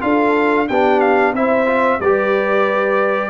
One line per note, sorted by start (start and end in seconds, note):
0.00 0.68 D4
0.00 0.66 F4
0.00 0.67 A4
0.00 0.67 F5
0.67 1.33 B3
0.67 1.35 D4
0.67 1.33 G4
0.67 1.00 G5
1.00 1.33 F5
1.33 1.99 C4
1.33 1.66 E4
1.33 1.99 C5
1.33 2.00 E5
1.66 1.99 F4
1.99 3.30 G3
1.99 3.30 G4
1.99 3.30 B4
1.99 3.30 D5